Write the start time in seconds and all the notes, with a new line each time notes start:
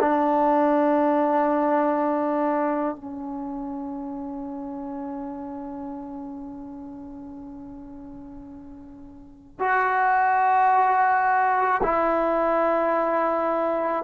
0.00 D4
2.96 C#4
9.59 F#4
11.83 E4